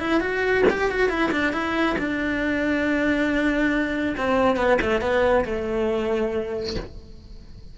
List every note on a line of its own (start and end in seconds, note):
0.00 0.21 E4
0.21 0.64 F#4
0.70 0.91 G4
0.91 1.09 F#4
1.09 1.31 E4
1.32 1.53 D4
1.53 1.96 E4
1.99 4.16 D4
4.17 4.57 C4
4.57 4.79 B3
4.82 5.02 A3
5.02 5.45 B3
5.46 6.76 A3